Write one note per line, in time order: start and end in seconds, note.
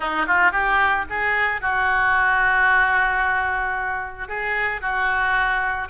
0.00 0.26 D#4
0.27 0.51 F4
0.51 1.05 G4
1.09 1.61 G#4
1.61 4.28 F#4
4.28 4.81 G#4
4.81 5.88 F#4